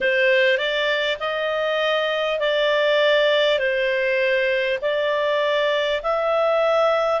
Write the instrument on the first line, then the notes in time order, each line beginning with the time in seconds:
clarinet
0.01 C5
0.57 D5
1.19 D#5
2.39 D5
3.58 C5
4.81 D5
6.02 E5